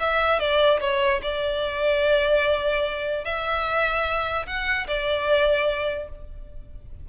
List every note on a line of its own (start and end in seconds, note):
0.00 0.39 E5
0.39 0.80 D5
0.81 1.21 C#5
1.23 3.25 D5
3.25 4.46 E5
4.47 4.87 F#5
4.88 6.09 D5